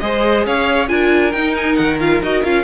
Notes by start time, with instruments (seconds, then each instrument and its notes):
0.00 cello G#3, viola G#4, violin C5 D#5
0.46 cello C#4, violin C#5 F5
0.88 cello D4, viola F4, violin A#4 G#5
1.33 cello D#4, viola D#4, violin G5
1.57 violin G#5
1.76 cello D#3, violin F#5
2.00 viola F4, violin F5
2.22 cello D#4, viola F#4, violin D#5
2.44 cello C#4, viola F4, violin F5